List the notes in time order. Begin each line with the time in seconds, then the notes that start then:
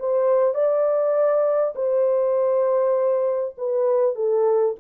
0.00 C5
0.55 D5
1.75 C5
3.58 B4
4.16 A4